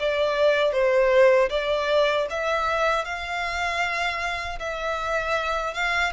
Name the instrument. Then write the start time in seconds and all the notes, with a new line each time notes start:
violin
0.00 D5
0.73 C5
1.50 D5
2.30 E5
3.05 F5
4.59 E5
5.74 F5